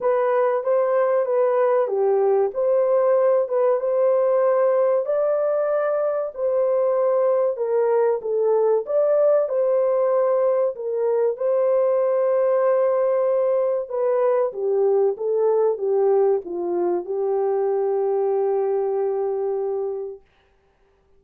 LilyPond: \new Staff \with { instrumentName = "horn" } { \time 4/4 \tempo 4 = 95 b'4 c''4 b'4 g'4 | c''4. b'8 c''2 | d''2 c''2 | ais'4 a'4 d''4 c''4~ |
c''4 ais'4 c''2~ | c''2 b'4 g'4 | a'4 g'4 f'4 g'4~ | g'1 | }